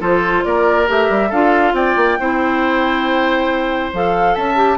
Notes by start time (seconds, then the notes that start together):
0.00 F3 F4 A4 C5
0.44 A#3 A#4 D5
0.87 A3 G4 E5
1.10 G3
1.29 D4 F4 A4 F5
1.73 C4 D5 G5
1.96 A#3
2.19 C4 E4 C5
3.93 F3 A4 F5
4.34 C#4 E5 A5
4.56 G4